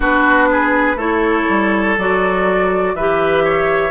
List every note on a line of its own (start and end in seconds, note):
0.00 0.95 B3
0.00 0.97 D4
0.00 0.49 F#4
0.00 0.99 B4
0.51 0.97 G#4
0.95 1.44 A3
0.95 1.96 E4
0.95 2.93 A4
0.95 1.97 C#5
1.48 1.97 G3
1.97 2.94 F#3
1.97 2.96 F#4
1.97 2.95 D5
2.94 3.91 E3
2.94 3.91 G4
2.94 3.44 B4
2.94 3.91 E5
3.44 3.91 C#5